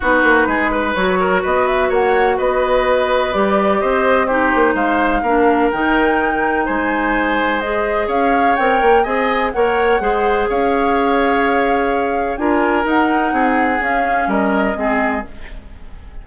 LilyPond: <<
  \new Staff \with { instrumentName = "flute" } { \time 4/4 \tempo 4 = 126 b'2 cis''4 dis''8 e''8 | fis''4 dis''2 d''4 | dis''4 c''4 f''2 | g''2 gis''2 |
dis''4 f''4 g''4 gis''4 | fis''2 f''2~ | f''2 gis''4 fis''4~ | fis''4 f''4 dis''2 | }
  \new Staff \with { instrumentName = "oboe" } { \time 4/4 fis'4 gis'8 b'4 ais'8 b'4 | cis''4 b'2. | c''4 g'4 c''4 ais'4~ | ais'2 c''2~ |
c''4 cis''2 dis''4 | cis''4 c''4 cis''2~ | cis''2 ais'2 | gis'2 ais'4 gis'4 | }
  \new Staff \with { instrumentName = "clarinet" } { \time 4/4 dis'2 fis'2~ | fis'2. g'4~ | g'4 dis'2 d'4 | dis'1 |
gis'2 ais'4 gis'4 | ais'4 gis'2.~ | gis'2 f'4 dis'4~ | dis'4 cis'2 c'4 | }
  \new Staff \with { instrumentName = "bassoon" } { \time 4/4 b8 ais8 gis4 fis4 b4 | ais4 b2 g4 | c'4. ais8 gis4 ais4 | dis2 gis2~ |
gis4 cis'4 c'8 ais8 c'4 | ais4 gis4 cis'2~ | cis'2 d'4 dis'4 | c'4 cis'4 g4 gis4 | }
>>